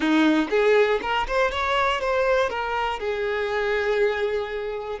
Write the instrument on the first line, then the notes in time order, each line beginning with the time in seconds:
violin
0.00 D#4
0.50 G#4
1.01 A#4
1.27 C5
1.51 C#5
2.00 C5
2.49 A#4
2.99 G#4